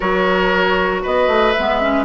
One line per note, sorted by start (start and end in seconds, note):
0.00 1.04 F#3
0.00 1.55 F#4
0.00 1.02 A#4
0.00 1.01 C#5
1.02 1.27 B3
1.02 2.04 B4
1.02 1.52 D#5
1.27 1.53 A3
1.52 1.81 B3
1.52 2.04 E5
1.58 2.04 G#3
1.81 2.04 C#4